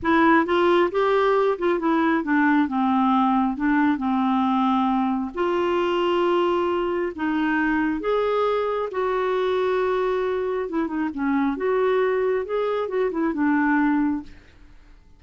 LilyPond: \new Staff \with { instrumentName = "clarinet" } { \time 4/4 \tempo 4 = 135 e'4 f'4 g'4. f'8 | e'4 d'4 c'2 | d'4 c'2. | f'1 |
dis'2 gis'2 | fis'1 | e'8 dis'8 cis'4 fis'2 | gis'4 fis'8 e'8 d'2 | }